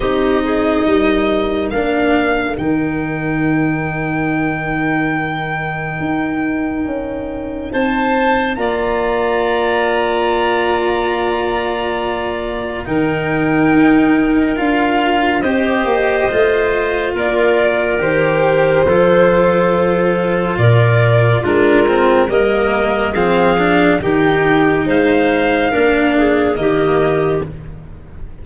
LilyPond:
<<
  \new Staff \with { instrumentName = "violin" } { \time 4/4 \tempo 4 = 70 dis''2 f''4 g''4~ | g''1~ | g''4 a''4 ais''2~ | ais''2. g''4~ |
g''4 f''4 dis''2 | d''4 c''2. | d''4 ais'4 dis''4 f''4 | g''4 f''2 dis''4 | }
  \new Staff \with { instrumentName = "clarinet" } { \time 4/4 g'8 gis'8 ais'2.~ | ais'1~ | ais'4 c''4 d''2~ | d''2. ais'4~ |
ais'2 c''2 | ais'2 a'2 | ais'4 f'4 ais'4 gis'4 | g'4 c''4 ais'8 gis'8 g'4 | }
  \new Staff \with { instrumentName = "cello" } { \time 4/4 dis'2 d'4 dis'4~ | dis'1~ | dis'2 f'2~ | f'2. dis'4~ |
dis'4 f'4 g'4 f'4~ | f'4 g'4 f'2~ | f'4 d'8 c'8 ais4 c'8 d'8 | dis'2 d'4 ais4 | }
  \new Staff \with { instrumentName = "tuba" } { \time 4/4 c'4 g4 ais4 dis4~ | dis2. dis'4 | cis'4 c'4 ais2~ | ais2. dis4 |
dis'4 d'4 c'8 ais8 a4 | ais4 dis4 f2 | ais,4 gis4 g4 f4 | dis4 gis4 ais4 dis4 | }
>>